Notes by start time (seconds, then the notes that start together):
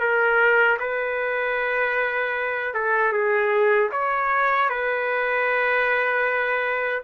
0.00 A#4
0.80 B4
2.74 A4
3.13 G#4
3.92 C#5
4.69 B4